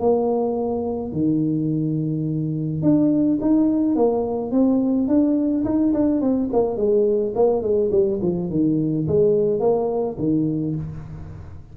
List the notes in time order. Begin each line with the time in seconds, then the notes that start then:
0.00 A#3
1.12 D#3
2.82 D4
3.41 D#4
3.95 A#3
4.52 C4
5.08 D4
5.64 D#4
5.94 D4
6.21 C4
6.52 A#3
6.77 G#3
7.35 A#3
7.62 G#3
7.92 G3
8.22 F3
8.50 D#3
9.07 G#3
9.60 A#3
10.18 D#3